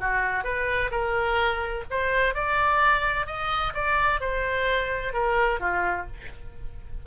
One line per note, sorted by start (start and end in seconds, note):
0.00 0.44 F#4
0.44 0.91 B4
0.91 1.84 A#4
1.91 2.35 C5
2.35 3.27 D5
3.27 3.73 D#5
3.74 4.21 D5
4.21 5.14 C5
5.14 5.60 A#4
5.60 6.07 F4